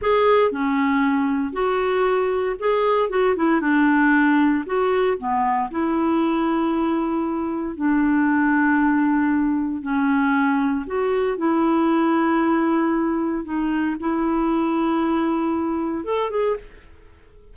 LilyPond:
\new Staff \with { instrumentName = "clarinet" } { \time 4/4 \tempo 4 = 116 gis'4 cis'2 fis'4~ | fis'4 gis'4 fis'8 e'8 d'4~ | d'4 fis'4 b4 e'4~ | e'2. d'4~ |
d'2. cis'4~ | cis'4 fis'4 e'2~ | e'2 dis'4 e'4~ | e'2. a'8 gis'8 | }